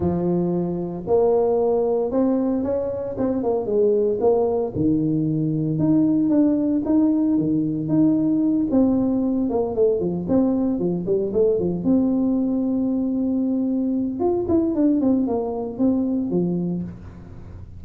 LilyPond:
\new Staff \with { instrumentName = "tuba" } { \time 4/4 \tempo 4 = 114 f2 ais2 | c'4 cis'4 c'8 ais8 gis4 | ais4 dis2 dis'4 | d'4 dis'4 dis4 dis'4~ |
dis'8 c'4. ais8 a8 f8 c'8~ | c'8 f8 g8 a8 f8 c'4.~ | c'2. f'8 e'8 | d'8 c'8 ais4 c'4 f4 | }